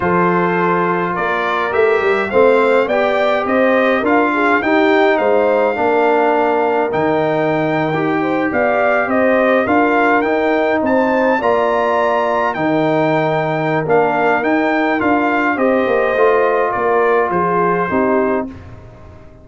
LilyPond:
<<
  \new Staff \with { instrumentName = "trumpet" } { \time 4/4 \tempo 4 = 104 c''2 d''4 e''4 | f''4 g''4 dis''4 f''4 | g''4 f''2. | g''2~ g''8. f''4 dis''16~ |
dis''8. f''4 g''4 a''4 ais''16~ | ais''4.~ ais''16 g''2~ g''16 | f''4 g''4 f''4 dis''4~ | dis''4 d''4 c''2 | }
  \new Staff \with { instrumentName = "horn" } { \time 4/4 a'2 ais'2 | c''4 d''4 c''4 ais'8 gis'8 | g'4 c''4 ais'2~ | ais'2~ ais'16 c''8 d''4 c''16~ |
c''8. ais'2 c''4 d''16~ | d''4.~ d''16 ais'2~ ais'16~ | ais'2. c''4~ | c''4 ais'4 gis'4 g'4 | }
  \new Staff \with { instrumentName = "trombone" } { \time 4/4 f'2. g'4 | c'4 g'2 f'4 | dis'2 d'2 | dis'4.~ dis'16 g'2~ g'16~ |
g'8. f'4 dis'2 f'16~ | f'4.~ f'16 dis'2~ dis'16 | d'4 dis'4 f'4 g'4 | f'2. dis'4 | }
  \new Staff \with { instrumentName = "tuba" } { \time 4/4 f2 ais4 a8 g8 | a4 b4 c'4 d'4 | dis'4 gis4 ais2 | dis4.~ dis16 dis'4 b4 c'16~ |
c'8. d'4 dis'4 c'4 ais16~ | ais4.~ ais16 dis2~ dis16 | ais4 dis'4 d'4 c'8 ais8 | a4 ais4 f4 c'4 | }
>>